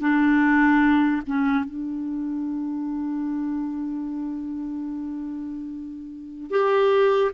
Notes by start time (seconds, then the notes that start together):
0.00 D4
1.26 C#4
1.65 D4
6.50 G4